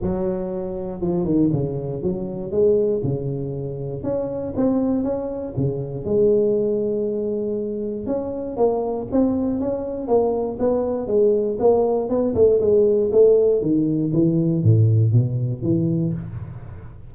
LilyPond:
\new Staff \with { instrumentName = "tuba" } { \time 4/4 \tempo 4 = 119 fis2 f8 dis8 cis4 | fis4 gis4 cis2 | cis'4 c'4 cis'4 cis4 | gis1 |
cis'4 ais4 c'4 cis'4 | ais4 b4 gis4 ais4 | b8 a8 gis4 a4 dis4 | e4 a,4 b,4 e4 | }